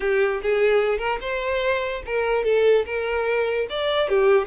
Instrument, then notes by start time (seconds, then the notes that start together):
violin
0.00 G4
0.42 G#4
0.98 A#4
1.20 C5
2.06 A#4
2.44 A4
2.85 A#4
3.69 D5
4.09 G4